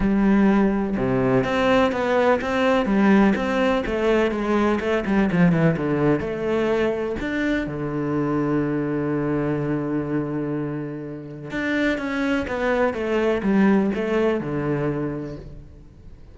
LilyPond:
\new Staff \with { instrumentName = "cello" } { \time 4/4 \tempo 4 = 125 g2 c4 c'4 | b4 c'4 g4 c'4 | a4 gis4 a8 g8 f8 e8 | d4 a2 d'4 |
d1~ | d1 | d'4 cis'4 b4 a4 | g4 a4 d2 | }